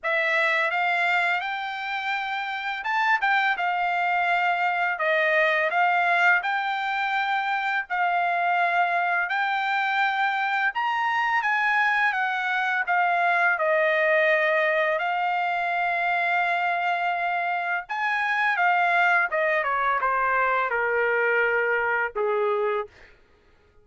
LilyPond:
\new Staff \with { instrumentName = "trumpet" } { \time 4/4 \tempo 4 = 84 e''4 f''4 g''2 | a''8 g''8 f''2 dis''4 | f''4 g''2 f''4~ | f''4 g''2 ais''4 |
gis''4 fis''4 f''4 dis''4~ | dis''4 f''2.~ | f''4 gis''4 f''4 dis''8 cis''8 | c''4 ais'2 gis'4 | }